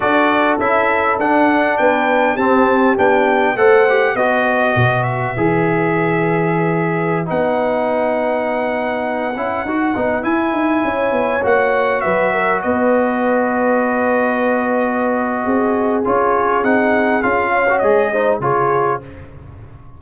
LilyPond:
<<
  \new Staff \with { instrumentName = "trumpet" } { \time 4/4 \tempo 4 = 101 d''4 e''4 fis''4 g''4 | a''4 g''4 fis''4 dis''4~ | dis''8 e''2.~ e''8~ | e''16 fis''2.~ fis''8.~ |
fis''4~ fis''16 gis''2 fis''8.~ | fis''16 e''4 dis''2~ dis''8.~ | dis''2. cis''4 | fis''4 f''4 dis''4 cis''4 | }
  \new Staff \with { instrumentName = "horn" } { \time 4/4 a'2. b'4 | g'2 c''4 b'4~ | b'1~ | b'1~ |
b'2~ b'16 cis''4.~ cis''16~ | cis''16 b'8 ais'8 b'2~ b'8.~ | b'2 gis'2~ | gis'4. cis''4 c''8 gis'4 | }
  \new Staff \with { instrumentName = "trombone" } { \time 4/4 fis'4 e'4 d'2 | c'4 d'4 a'8 g'8 fis'4~ | fis'4 gis'2.~ | gis'16 dis'2.~ dis'8 e'16~ |
e'16 fis'8 dis'8 e'2 fis'8.~ | fis'1~ | fis'2. f'4 | dis'4 f'8. fis'16 gis'8 dis'8 f'4 | }
  \new Staff \with { instrumentName = "tuba" } { \time 4/4 d'4 cis'4 d'4 b4 | c'4 b4 a4 b4 | b,4 e2.~ | e16 b2.~ b8 cis'16~ |
cis'16 dis'8 b8 e'8 dis'8 cis'8 b8 ais8.~ | ais16 fis4 b2~ b8.~ | b2 c'4 cis'4 | c'4 cis'4 gis4 cis4 | }
>>